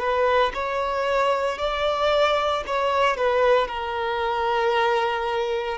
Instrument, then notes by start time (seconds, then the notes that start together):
violin
0.00 B4
0.54 C#5
1.59 D5
2.67 C#5
3.17 B4
3.68 A#4